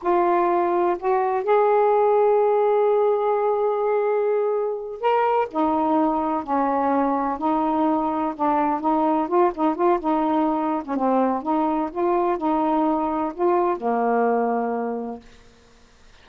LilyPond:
\new Staff \with { instrumentName = "saxophone" } { \time 4/4 \tempo 4 = 126 f'2 fis'4 gis'4~ | gis'1~ | gis'2~ gis'8 ais'4 dis'8~ | dis'4. cis'2 dis'8~ |
dis'4. d'4 dis'4 f'8 | dis'8 f'8 dis'4.~ dis'16 cis'16 c'4 | dis'4 f'4 dis'2 | f'4 ais2. | }